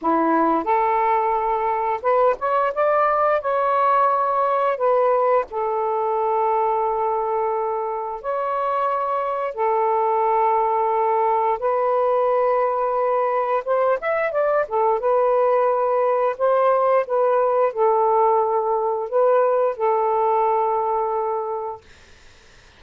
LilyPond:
\new Staff \with { instrumentName = "saxophone" } { \time 4/4 \tempo 4 = 88 e'4 a'2 b'8 cis''8 | d''4 cis''2 b'4 | a'1 | cis''2 a'2~ |
a'4 b'2. | c''8 e''8 d''8 a'8 b'2 | c''4 b'4 a'2 | b'4 a'2. | }